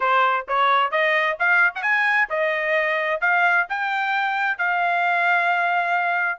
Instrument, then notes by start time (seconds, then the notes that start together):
trumpet
0.00 C5
0.47 C#5
0.91 D#5
1.39 F5
1.75 F#5
1.82 G#5
2.29 D#5
3.21 F5
3.69 G5
4.58 F5